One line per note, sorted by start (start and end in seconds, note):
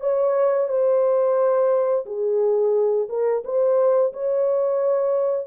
0.00 0.68 C#5
0.68 2.05 C5
2.06 3.08 G#4
3.09 3.43 A#4
3.44 4.12 C5
4.13 5.47 C#5